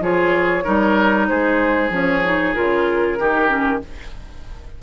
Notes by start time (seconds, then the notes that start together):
0.00 F3 F4 G#4 C#5
0.63 G3 D#4 A#4
1.27 G#3 G#4 C5
1.89 F3 C#4 C#5
2.24 D#4
2.54 C#3 F4 A#4
3.18 D#3 D#4 G4
3.47 C#4